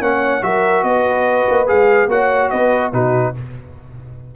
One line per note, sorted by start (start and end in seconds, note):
0.00 0.42 A#3
0.00 0.42 C#4
0.00 0.44 C#5
0.00 0.43 F#5
0.42 0.83 F#3
0.42 1.67 F#4
0.42 0.85 A#4
0.42 0.83 E5
0.83 1.46 B3
0.83 2.10 B4
0.83 1.67 D#5
1.49 1.70 A#3
1.67 2.07 G#3
1.67 2.08 G#4
1.67 2.10 F5
2.07 2.49 A#3
2.07 2.93 F#4
2.07 2.51 C#5
2.07 2.50 F#5
2.50 2.93 B3
2.50 2.93 B4
2.50 2.92 D#5
2.93 3.34 B2
2.93 3.34 D#4
2.93 3.34 F#4
2.93 3.36 B4